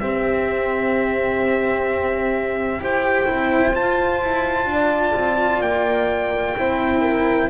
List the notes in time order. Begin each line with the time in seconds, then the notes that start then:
0.00 C4 G4 E5
2.79 E4 G4 C5 G5
3.26 C4 E4
3.74 F4 A5
4.22 E4
4.66 D4
4.73 D5
5.14 C4
5.61 A#3 G5
6.57 C4 E4 C5
7.02 A#4